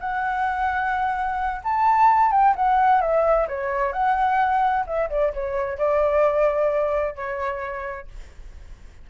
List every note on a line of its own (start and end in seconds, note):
0.00 1.62 F#5
1.63 2.31 A5
2.31 2.54 G5
2.56 3.01 F#5
3.01 3.47 E5
3.48 3.93 C#5
3.93 4.85 F#5
4.86 5.09 E5
5.10 5.33 D5
5.33 5.78 C#5
5.78 7.15 D5
7.15 8.07 C#5